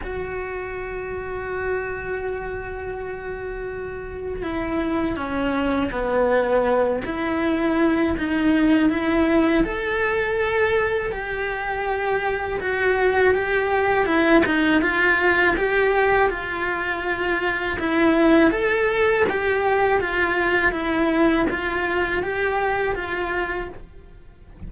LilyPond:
\new Staff \with { instrumentName = "cello" } { \time 4/4 \tempo 4 = 81 fis'1~ | fis'2 e'4 cis'4 | b4. e'4. dis'4 | e'4 a'2 g'4~ |
g'4 fis'4 g'4 e'8 dis'8 | f'4 g'4 f'2 | e'4 a'4 g'4 f'4 | e'4 f'4 g'4 f'4 | }